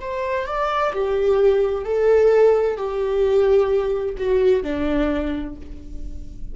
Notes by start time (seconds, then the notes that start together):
0.00 C5
0.46 D5
0.93 G4
1.84 A4
2.77 G4
4.17 F#4
4.63 D4